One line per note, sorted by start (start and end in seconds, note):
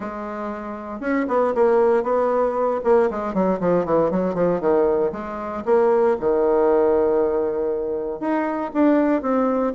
0.00 1.00 G#3
1.00 1.26 C#4
1.28 1.53 B3
1.54 2.03 A#3
2.03 2.80 B3
2.84 3.09 A#3
3.10 3.33 G#3
3.33 3.59 F#3
3.60 3.85 F3
3.85 4.10 E3
4.10 4.34 F#3
4.34 4.60 F3
4.60 5.11 D#3
5.12 5.63 G#3
5.65 6.16 A#3
6.19 8.20 D#3
8.20 8.71 D#4
8.73 9.22 D4
9.22 9.73 C4